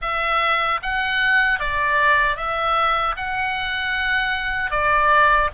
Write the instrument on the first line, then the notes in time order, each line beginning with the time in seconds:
oboe
0.01 E5
0.82 F#5
1.59 D5
2.36 E5
3.16 F#5
4.70 D5